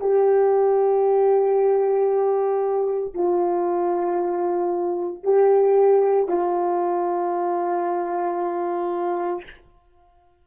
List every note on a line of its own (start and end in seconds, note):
0.00 3.14 G4
3.14 5.23 F4
5.23 6.28 G4
6.28 9.44 F4